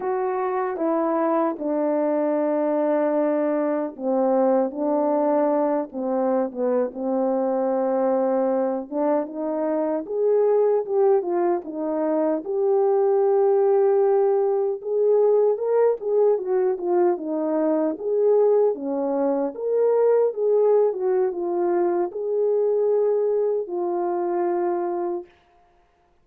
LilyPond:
\new Staff \with { instrumentName = "horn" } { \time 4/4 \tempo 4 = 76 fis'4 e'4 d'2~ | d'4 c'4 d'4. c'8~ | c'16 b8 c'2~ c'8 d'8 dis'16~ | dis'8. gis'4 g'8 f'8 dis'4 g'16~ |
g'2~ g'8. gis'4 ais'16~ | ais'16 gis'8 fis'8 f'8 dis'4 gis'4 cis'16~ | cis'8. ais'4 gis'8. fis'8 f'4 | gis'2 f'2 | }